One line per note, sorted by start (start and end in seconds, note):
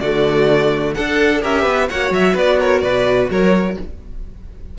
0.00 0.96 D3
0.00 0.96 A3
0.00 0.94 F#4
0.00 0.94 D5
0.94 1.44 D4
0.94 1.42 A4
0.94 1.41 A4
0.94 1.41 F#5
1.41 1.65 C#4
1.41 1.88 G4
1.41 1.62 A#4
1.41 1.89 E5
1.62 1.89 B3
1.62 1.85 B4
1.89 2.11 A#3
1.89 3.78 F#4
1.89 2.33 C#5
1.89 2.12 F#5
2.11 2.34 F#3
2.11 2.37 E5
2.33 2.82 B3
2.33 2.57 B4
2.33 2.61 D5
2.59 2.83 A#4
2.59 2.81 C#5
2.81 3.29 B2
2.81 3.29 B4
2.81 3.27 D5
3.30 3.77 F#3
3.30 3.77 A#4
3.30 3.78 C#5